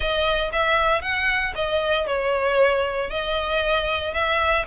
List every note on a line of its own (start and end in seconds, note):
0.00 0.50 D#5
0.52 1.01 E5
1.01 1.53 F#5
1.55 2.06 D#5
2.06 3.10 C#5
3.10 4.13 D#5
4.13 4.65 E5